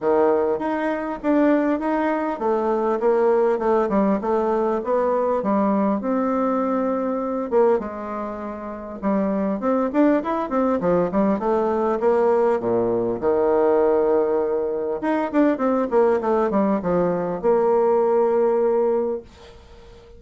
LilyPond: \new Staff \with { instrumentName = "bassoon" } { \time 4/4 \tempo 4 = 100 dis4 dis'4 d'4 dis'4 | a4 ais4 a8 g8 a4 | b4 g4 c'2~ | c'8 ais8 gis2 g4 |
c'8 d'8 e'8 c'8 f8 g8 a4 | ais4 ais,4 dis2~ | dis4 dis'8 d'8 c'8 ais8 a8 g8 | f4 ais2. | }